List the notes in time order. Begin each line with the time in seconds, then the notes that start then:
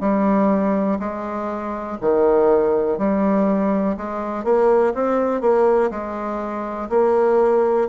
0.00 G3
0.99 G#3
2.01 D#3
2.98 G3
3.97 G#3
4.44 A#3
4.94 C4
5.41 A#3
5.91 G#3
6.89 A#3